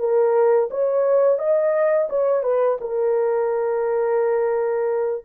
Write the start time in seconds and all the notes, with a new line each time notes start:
0.00 A#4
0.71 C#5
1.39 D#5
2.10 C#5
2.43 B4
2.81 A#4